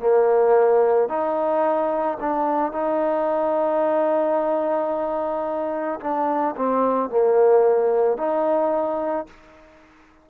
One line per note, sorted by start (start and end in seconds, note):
0.00 1.09 A#3
1.09 2.18 D#4
2.21 2.73 D4
2.73 6.00 D#4
6.01 6.56 D4
6.57 7.11 C4
7.11 8.18 A#3
8.18 9.27 D#4